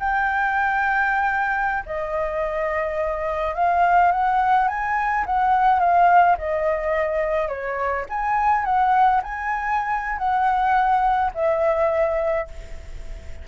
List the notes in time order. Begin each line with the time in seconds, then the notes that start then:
0.00 G5
1.86 D#5
3.55 F5
4.12 F#5
4.69 G#5
5.26 F#5
5.80 F5
6.38 D#5
7.49 C#5
8.10 G#5
8.65 F#5
9.23 G#5
10.18 F#5
11.35 E5